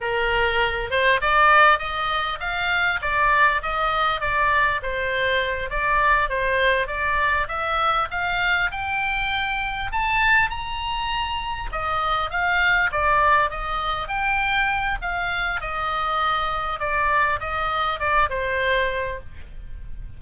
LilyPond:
\new Staff \with { instrumentName = "oboe" } { \time 4/4 \tempo 4 = 100 ais'4. c''8 d''4 dis''4 | f''4 d''4 dis''4 d''4 | c''4. d''4 c''4 d''8~ | d''8 e''4 f''4 g''4.~ |
g''8 a''4 ais''2 dis''8~ | dis''8 f''4 d''4 dis''4 g''8~ | g''4 f''4 dis''2 | d''4 dis''4 d''8 c''4. | }